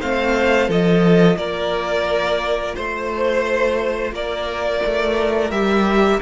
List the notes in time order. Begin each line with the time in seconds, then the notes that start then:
0.00 A3 C4 C5 F5
0.69 F3 F4 A4 D#5
1.36 A#3 A#4 D5
2.76 A3 C5
4.12 A#3 A#4 D5
4.86 A3
5.51 G3 G4 E5